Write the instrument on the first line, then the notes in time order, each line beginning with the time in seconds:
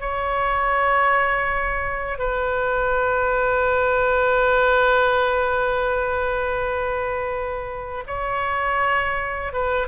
oboe
0.00 C#5
2.19 B4
8.07 C#5
9.53 B4